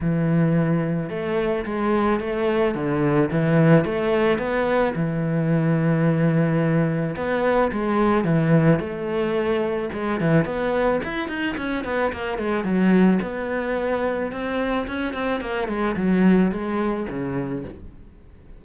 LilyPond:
\new Staff \with { instrumentName = "cello" } { \time 4/4 \tempo 4 = 109 e2 a4 gis4 | a4 d4 e4 a4 | b4 e2.~ | e4 b4 gis4 e4 |
a2 gis8 e8 b4 | e'8 dis'8 cis'8 b8 ais8 gis8 fis4 | b2 c'4 cis'8 c'8 | ais8 gis8 fis4 gis4 cis4 | }